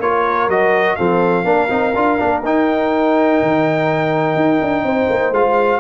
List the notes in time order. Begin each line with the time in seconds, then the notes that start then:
0.00 A#3 F4 A#4 C#5
0.48 F#3 F#4 D#5
0.96 F3 C4 A4 F5
1.44 A#3 D4 A#4
1.69 C4 D#4
1.95 D4 F4
2.18 A#3 D4
2.44 D#4 G5
3.42 D#3
4.36 D#4
4.62 D4
4.83 C4 C5
5.10 A#3
5.31 G#3 F4 F5